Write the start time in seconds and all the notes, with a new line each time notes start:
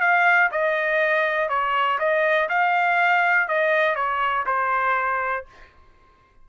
0.00 F5
0.51 D#5
1.49 C#5
1.99 D#5
2.49 F5
3.48 D#5
3.95 C#5
4.46 C5